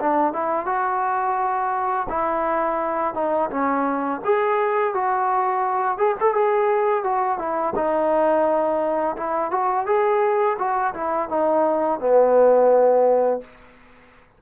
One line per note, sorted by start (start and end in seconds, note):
0.00 0.33 D4
0.33 0.66 E4
0.66 2.07 F#4
2.09 3.14 E4
3.14 3.50 D#4
3.50 4.21 C#4
4.25 4.94 G#4
4.94 5.98 F#4
5.98 6.15 G#4
6.20 6.34 A4
6.34 7.04 G#4
7.04 7.39 F#4
7.39 7.74 E4
7.75 9.16 D#4
9.17 9.51 E4
9.51 9.86 F#4
9.86 10.57 G#4
10.59 10.94 F#4
10.94 11.29 E4
11.29 12.00 D#4
12.00 13.41 B3